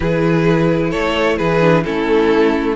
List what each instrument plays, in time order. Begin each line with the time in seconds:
0.00 cello E3, viola E4, violin G#4 B4
0.90 cello A3, violin A4 C#5
1.37 cello E3, violin G#4 B4
1.60 viola D4
1.83 cello A3, viola C#4, violin E4 A4